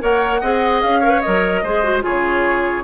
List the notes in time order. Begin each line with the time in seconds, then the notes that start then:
0.00 A#3 A#4 C#5 F#5
0.41 C4 G#4 D#5
0.81 C#4 F5
1.00 A#4 C#5
1.09 B4
1.21 F#3 A#4 D#5
1.63 G#3 G#4 C5
1.83 F#4
2.01 C#3 F4 G#4 C#5